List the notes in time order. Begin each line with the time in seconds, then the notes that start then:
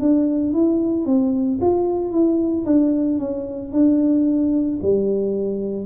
0.00 D4
0.53 E4
1.05 C4
1.61 F4
2.11 E4
2.65 D4
3.19 C#4
3.72 D4
4.82 G3